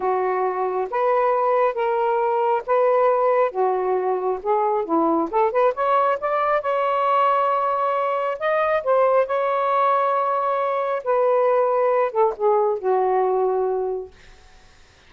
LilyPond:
\new Staff \with { instrumentName = "saxophone" } { \time 4/4 \tempo 4 = 136 fis'2 b'2 | ais'2 b'2 | fis'2 gis'4 e'4 | a'8 b'8 cis''4 d''4 cis''4~ |
cis''2. dis''4 | c''4 cis''2.~ | cis''4 b'2~ b'8 a'8 | gis'4 fis'2. | }